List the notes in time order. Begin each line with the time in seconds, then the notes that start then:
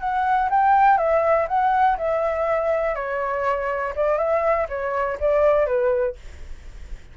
0.00 F#5
0.50 G5
0.97 E5
1.48 F#5
1.97 E5
2.95 C#5
3.96 D5
4.18 E5
4.69 C#5
5.20 D5
5.66 B4